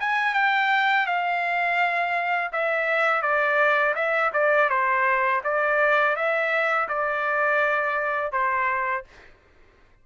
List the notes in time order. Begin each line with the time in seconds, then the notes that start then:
0.00 G#5
0.34 G5
1.06 F5
2.52 E5
3.22 D5
3.95 E5
4.33 D5
4.69 C5
5.44 D5
6.16 E5
6.88 D5
8.32 C5